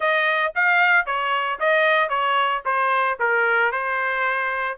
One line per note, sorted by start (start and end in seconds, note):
0.00 0.53 D#5
0.55 1.06 F5
1.06 1.59 C#5
1.59 2.09 D#5
2.09 2.62 C#5
2.65 3.18 C5
3.19 3.72 A#4
3.72 4.78 C5